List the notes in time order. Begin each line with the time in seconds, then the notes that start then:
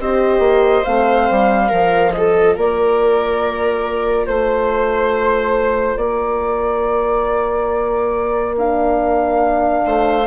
0.00 C4 G4 C5 D#5
0.39 A#3
0.85 A3 C4 F5
1.31 G3
1.69 F3 F4 A#4
2.12 A4 D#5
2.57 A#3 A#4 D5
4.26 A3 C5
5.97 A#3 A#4 D5
8.58 D4 F5
9.86 A3 C5